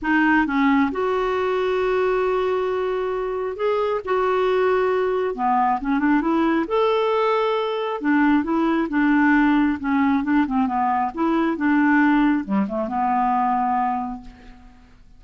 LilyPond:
\new Staff \with { instrumentName = "clarinet" } { \time 4/4 \tempo 4 = 135 dis'4 cis'4 fis'2~ | fis'1 | gis'4 fis'2. | b4 cis'8 d'8 e'4 a'4~ |
a'2 d'4 e'4 | d'2 cis'4 d'8 c'8 | b4 e'4 d'2 | g8 a8 b2. | }